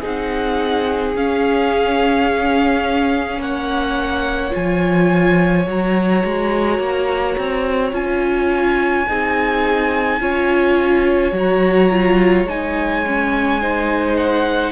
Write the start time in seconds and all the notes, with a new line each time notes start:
0.00 C4 D#4 G#4 F#5
1.16 C#4 F5
3.39 A#3 C#5 F#5
4.51 F3 F4 G#5
5.67 F#3 F#4 A#5
6.25 G#3
6.79 A#3
7.39 C4
7.92 C#4 F4 G#5
9.08 C4 D#4 G#4
10.21 C#4 F4 C#5
11.33 F#3 F#4 A#5
11.92 F4
12.45 G#3 D#4 G#5
13.06 C#4
13.61 D#4 C5
14.17 F#5